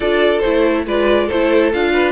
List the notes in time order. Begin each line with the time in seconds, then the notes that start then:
0.00 D4 F4 A4 D5
0.39 A3 E4 C5
0.86 G#3 F4 B4 D5
1.26 A4 C5
1.32 A3 E4
1.73 D4 F4 F5
1.93 B4